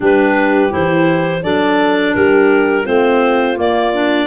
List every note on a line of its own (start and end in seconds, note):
0.00 0.72 G3
0.00 0.70 D4
0.00 1.43 G4
0.00 0.73 B4
0.70 1.43 E3
0.70 1.41 E4
0.70 1.43 C5
1.43 2.15 F#3
1.43 2.85 D4
1.43 2.14 A4
1.43 2.14 D5
2.14 2.87 G3
2.14 2.83 G4
2.14 2.86 A#4
2.83 3.57 A3
2.83 3.55 C4
2.83 4.26 F4
2.83 3.57 C5
3.55 3.91 A#3
3.55 4.27 A#3
3.55 4.27 D5
3.93 4.27 D4